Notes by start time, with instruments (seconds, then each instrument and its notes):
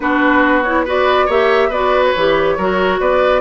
0.00 bassoon B3, clarinet D4, oboe F#4, flute B4
0.63 clarinet E4, flute C#5
0.84 clarinet F#4, oboe B4, flute D5
1.26 bassoon A#3, clarinet G4, oboe C#5, flute E5
1.68 bassoon B3, clarinet F#4, oboe B4, flute D5
2.04 flute C#5
2.16 bassoon E3, clarinet G4
2.57 bassoon F#3, clarinet F#4, oboe A#4
3.00 bassoon B3, oboe B4, flute D5